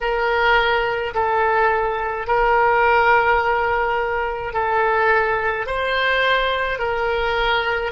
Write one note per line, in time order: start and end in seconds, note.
0.01 1.14 A#4
1.14 2.27 A4
2.27 4.53 A#4
4.53 5.66 A4
5.66 6.78 C5
6.78 7.91 A#4